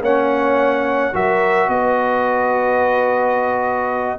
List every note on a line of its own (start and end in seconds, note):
0.00 1.11 A#3
0.00 1.13 C#4
0.00 1.13 C#5
0.00 1.15 F#5
1.13 1.68 F#3
1.13 4.18 F#4
1.13 1.70 A#4
1.13 1.69 E5
1.68 4.18 B3
1.68 4.19 B4
1.68 4.19 D#5